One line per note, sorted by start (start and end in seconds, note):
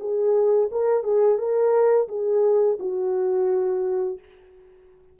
0.00 0.70 G#4
0.72 1.04 A#4
1.04 1.38 G#4
1.38 2.08 A#4
2.09 2.78 G#4
2.80 4.19 F#4